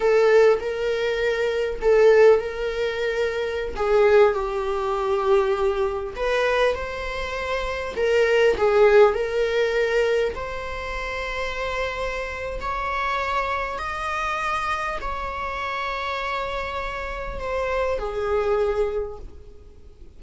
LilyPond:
\new Staff \with { instrumentName = "viola" } { \time 4/4 \tempo 4 = 100 a'4 ais'2 a'4 | ais'2~ ais'16 gis'4 g'8.~ | g'2~ g'16 b'4 c''8.~ | c''4~ c''16 ais'4 gis'4 ais'8.~ |
ais'4~ ais'16 c''2~ c''8.~ | c''4 cis''2 dis''4~ | dis''4 cis''2.~ | cis''4 c''4 gis'2 | }